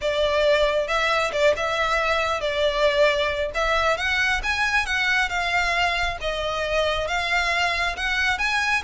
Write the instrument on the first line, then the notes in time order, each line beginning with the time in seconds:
violin
0.01 D5
0.87 E5
1.32 D5
1.56 E5
2.40 D5
3.54 E5
3.97 F#5
4.43 G#5
4.85 F#5
5.29 F5
6.20 D#5
7.07 F5
7.96 F#5
8.38 G#5